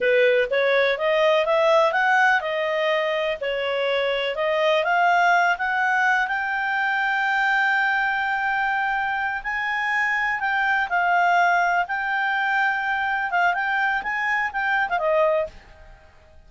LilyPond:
\new Staff \with { instrumentName = "clarinet" } { \time 4/4 \tempo 4 = 124 b'4 cis''4 dis''4 e''4 | fis''4 dis''2 cis''4~ | cis''4 dis''4 f''4. fis''8~ | fis''4 g''2.~ |
g''2.~ g''8 gis''8~ | gis''4. g''4 f''4.~ | f''8 g''2. f''8 | g''4 gis''4 g''8. f''16 dis''4 | }